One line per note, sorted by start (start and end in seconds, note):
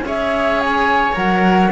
0.00 1.11 C#4
0.00 1.12 G#4
0.00 1.71 C#5
0.07 0.60 E5
0.60 1.15 G#5
1.12 1.71 F#3
1.12 1.68 A#4
1.12 1.71 F#5